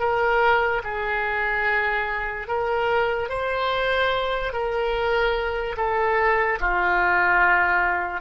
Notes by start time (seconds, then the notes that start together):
0.00 A#4
0.84 G#4
2.48 A#4
3.30 C5
4.53 A#4
5.77 A4
6.60 F4